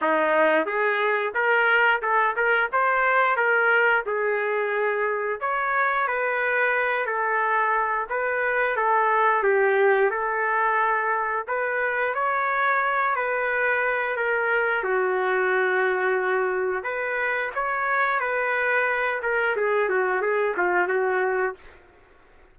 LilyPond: \new Staff \with { instrumentName = "trumpet" } { \time 4/4 \tempo 4 = 89 dis'4 gis'4 ais'4 a'8 ais'8 | c''4 ais'4 gis'2 | cis''4 b'4. a'4. | b'4 a'4 g'4 a'4~ |
a'4 b'4 cis''4. b'8~ | b'4 ais'4 fis'2~ | fis'4 b'4 cis''4 b'4~ | b'8 ais'8 gis'8 fis'8 gis'8 f'8 fis'4 | }